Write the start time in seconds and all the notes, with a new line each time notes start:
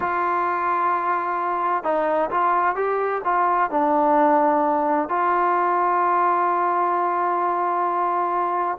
0.00 F4
1.83 D#4
2.30 F4
2.75 G4
3.24 F4
3.70 D4
5.09 F4